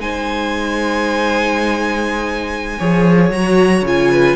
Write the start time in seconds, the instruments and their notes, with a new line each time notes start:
0.00 cello G#3, viola D#4, violin C5 G#5
2.79 cello F3, viola G#4, violin C#5
3.31 cello F#3, viola F#4, violin A#5
3.82 cello C#3, viola F4, violin G#5
4.12 violin B4